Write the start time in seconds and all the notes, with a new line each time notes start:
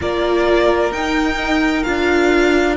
0.01 A#3 F4 A#4 D5
0.91 D#4 G5
1.83 D4 F4 F5